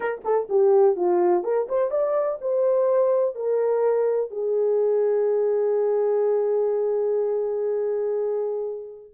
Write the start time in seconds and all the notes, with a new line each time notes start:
0.00 A#4
0.24 A4
0.49 G4
0.96 F4
1.43 A#4
1.68 C5
1.90 D5
2.41 C5
3.35 A#4
4.30 G#4